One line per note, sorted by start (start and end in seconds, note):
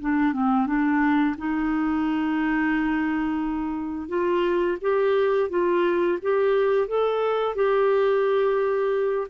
0.00 0.33 D4
0.33 0.66 C4
0.66 1.35 D4
1.37 4.08 D#4
4.08 4.77 F4
4.81 5.49 G4
5.49 6.18 F4
6.22 6.87 G4
6.87 7.55 A4
7.55 9.27 G4